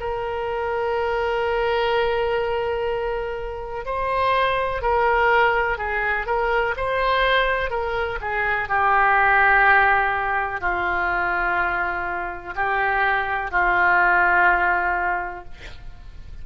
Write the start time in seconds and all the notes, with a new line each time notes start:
0.00 A#4
3.85 C5
4.82 A#4
5.78 G#4
6.26 A#4
6.77 C5
7.70 A#4
8.21 G#4
8.69 G4
10.61 F4
12.55 G4
13.51 F4